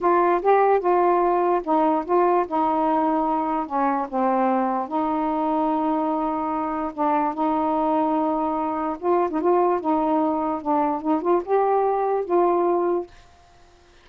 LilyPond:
\new Staff \with { instrumentName = "saxophone" } { \time 4/4 \tempo 4 = 147 f'4 g'4 f'2 | dis'4 f'4 dis'2~ | dis'4 cis'4 c'2 | dis'1~ |
dis'4 d'4 dis'2~ | dis'2 f'8. dis'16 f'4 | dis'2 d'4 dis'8 f'8 | g'2 f'2 | }